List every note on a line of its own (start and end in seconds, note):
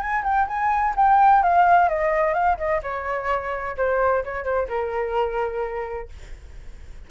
0.00 0.23 G#5
0.24 0.47 G5
0.48 0.94 G#5
0.96 1.43 G5
1.43 1.89 F5
1.89 2.34 D#5
2.34 2.57 F5
2.58 2.81 D#5
2.83 3.76 C#5
3.77 4.24 C5
4.24 4.44 C#5
4.44 4.67 C5
4.68 6.09 A#4